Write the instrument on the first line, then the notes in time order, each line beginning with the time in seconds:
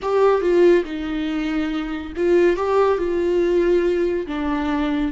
viola
0.02 G4
0.41 F4
0.84 D#4
2.16 F4
2.56 G4
2.98 F4
4.26 D4